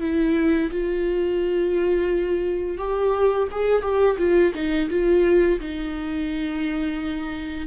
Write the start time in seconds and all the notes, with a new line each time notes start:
0.00 E4
0.70 F4
2.77 G4
3.51 G#4
3.82 G4
4.18 F4
4.54 D#4
4.89 F4
5.59 D#4